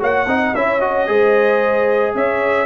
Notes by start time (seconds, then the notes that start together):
0.00 A#3 F#4 C#5 F#5
0.27 C4 D#4 D#5
0.55 C#4 E4 C#5 E5
0.81 F#4 D#5
1.06 G#3 G#4 C5
2.15 C#4 C#5 E5